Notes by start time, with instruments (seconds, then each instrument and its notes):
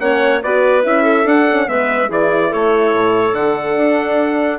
0.00 bassoon A#3, horn C#4, clarinet C#5, trumpet F#5
0.43 bassoon B3, horn F#4, clarinet B4, trumpet D5
0.83 bassoon C#4, horn E4, trumpet E5
1.03 clarinet A4
1.25 bassoon D4, horn D4, trumpet F#5
1.51 horn C#4
1.68 bassoon G#3, horn B3, clarinet B4, trumpet E5
2.08 bassoon E3, horn E4, clarinet G#4, trumpet D5
2.49 bassoon A3, clarinet A4, trumpet C#5
2.94 bassoon A2
3.33 bassoon D3, horn D4, trumpet F#5
3.77 bassoon D4